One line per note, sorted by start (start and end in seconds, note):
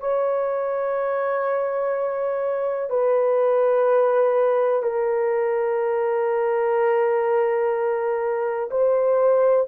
0.00 2.90 C#5
2.90 4.83 B4
4.83 8.70 A#4
8.71 9.68 C5